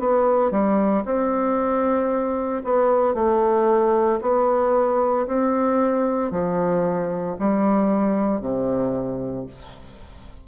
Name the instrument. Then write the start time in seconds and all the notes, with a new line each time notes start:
bassoon
0.00 B3
0.52 G3
1.05 C4
2.65 B3
3.14 A3
4.22 B3
5.27 C4
6.32 F3
7.40 G3
8.41 C3